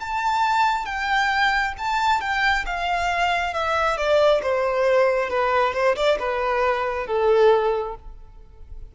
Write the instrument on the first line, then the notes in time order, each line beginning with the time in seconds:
violin
0.00 A5
0.86 G5
1.78 A5
2.21 G5
2.66 F5
3.54 E5
3.97 D5
4.43 C5
5.29 B4
5.74 C5
5.96 D5
6.19 B4
7.07 A4